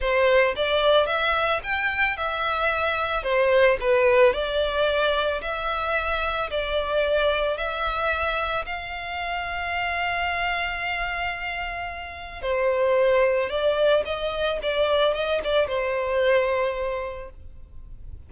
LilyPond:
\new Staff \with { instrumentName = "violin" } { \time 4/4 \tempo 4 = 111 c''4 d''4 e''4 g''4 | e''2 c''4 b'4 | d''2 e''2 | d''2 e''2 |
f''1~ | f''2. c''4~ | c''4 d''4 dis''4 d''4 | dis''8 d''8 c''2. | }